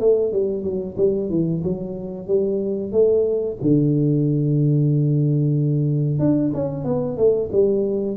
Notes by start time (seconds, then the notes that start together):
0.00 A3
0.33 G3
0.64 F#3
0.97 G3
1.30 E3
1.64 F#3
2.27 G3
2.92 A3
3.62 D3
6.19 D4
6.54 C#4
6.85 B3
7.17 A3
7.52 G3